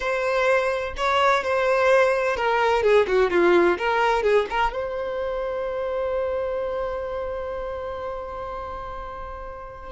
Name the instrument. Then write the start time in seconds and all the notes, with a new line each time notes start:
violin
0.00 C5
0.96 C#5
1.43 C5
2.36 A#4
2.82 G#4
3.07 F#4
3.30 F4
3.78 A#4
4.22 G#4
4.49 A#4
4.72 C5